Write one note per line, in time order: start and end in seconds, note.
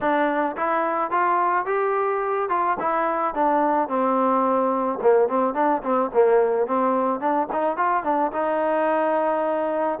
0.00 0.56 D4
0.57 1.11 E4
1.11 1.65 F4
1.65 2.48 G4
2.49 2.77 F4
2.79 3.34 E4
3.34 3.88 D4
3.88 4.99 C4
5.01 5.28 A#3
5.28 5.54 C4
5.54 5.82 D4
5.83 6.10 C4
6.13 6.66 A#3
6.66 7.19 C4
7.19 7.47 D4
7.52 7.76 D#4
7.76 8.03 F4
8.03 8.31 D4
8.32 9.99 D#4